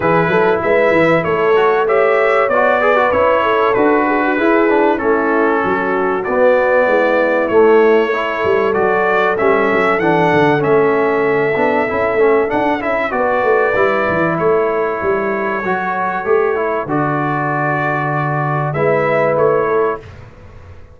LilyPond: <<
  \new Staff \with { instrumentName = "trumpet" } { \time 4/4 \tempo 4 = 96 b'4 e''4 cis''4 e''4 | d''4 cis''4 b'2 | a'2 d''2 | cis''2 d''4 e''4 |
fis''4 e''2. | fis''8 e''8 d''2 cis''4~ | cis''2. d''4~ | d''2 e''4 cis''4 | }
  \new Staff \with { instrumentName = "horn" } { \time 4/4 gis'8 a'8 b'4 a'4 cis''4~ | cis''8 b'4 a'4 gis'16 fis'16 gis'4 | e'4 fis'2 e'4~ | e'4 a'2.~ |
a'1~ | a'4 b'2 a'4~ | a'1~ | a'2 b'4. a'8 | }
  \new Staff \with { instrumentName = "trombone" } { \time 4/4 e'2~ e'8 fis'8 g'4 | fis'8 gis'16 fis'16 e'4 fis'4 e'8 d'8 | cis'2 b2 | a4 e'4 fis'4 cis'4 |
d'4 cis'4. d'8 e'8 cis'8 | d'8 e'8 fis'4 e'2~ | e'4 fis'4 g'8 e'8 fis'4~ | fis'2 e'2 | }
  \new Staff \with { instrumentName = "tuba" } { \time 4/4 e8 fis8 gis8 e8 a2 | b4 cis'4 d'4 e'4 | a4 fis4 b4 gis4 | a4. g8 fis4 g8 fis8 |
e8 d8 a4. b8 cis'8 a8 | d'8 cis'8 b8 a8 g8 e8 a4 | g4 fis4 a4 d4~ | d2 gis4 a4 | }
>>